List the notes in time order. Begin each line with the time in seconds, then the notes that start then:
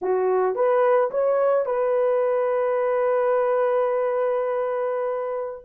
0.01 F#4
0.55 B4
1.10 C#5
1.65 B4